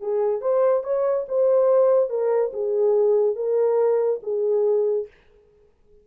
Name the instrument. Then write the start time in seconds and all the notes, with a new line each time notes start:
horn
0.00 G#4
0.41 C5
0.84 C#5
1.28 C5
2.09 A#4
2.53 G#4
3.35 A#4
4.23 G#4